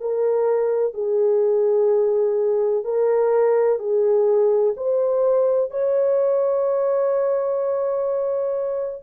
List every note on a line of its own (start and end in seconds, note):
0.00 0.94 A#4
0.94 2.84 G#4
2.84 3.79 A#4
3.79 4.74 G#4
4.76 5.71 C5
5.71 9.03 C#5